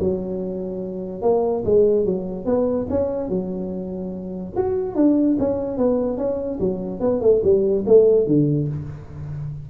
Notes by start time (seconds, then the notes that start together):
0.00 F#3
1.22 A#3
1.66 G#3
2.06 F#3
2.46 B3
2.90 C#4
3.29 F#3
4.57 F#4
4.96 D4
5.39 C#4
5.78 B3
6.18 C#4
6.60 F#3
7.00 B3
7.21 A3
7.44 G3
7.87 A3
8.27 D3